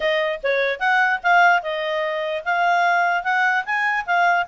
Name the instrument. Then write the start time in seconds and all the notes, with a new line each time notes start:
clarinet
0.00 D#5
0.43 C#5
0.79 F#5
1.23 F5
1.62 D#5
2.44 F5
3.23 F#5
3.65 G#5
4.05 F5